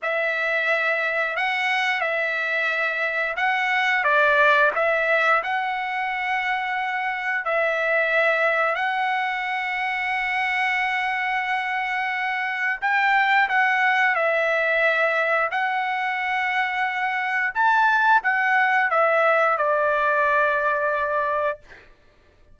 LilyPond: \new Staff \with { instrumentName = "trumpet" } { \time 4/4 \tempo 4 = 89 e''2 fis''4 e''4~ | e''4 fis''4 d''4 e''4 | fis''2. e''4~ | e''4 fis''2.~ |
fis''2. g''4 | fis''4 e''2 fis''4~ | fis''2 a''4 fis''4 | e''4 d''2. | }